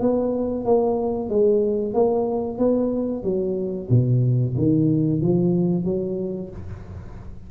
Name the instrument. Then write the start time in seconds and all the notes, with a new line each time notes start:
tuba
0.00 B3
0.65 A#3
1.29 G#3
1.94 A#3
2.58 B3
3.23 F#3
3.90 B2
4.57 D#3
5.21 F3
5.85 F#3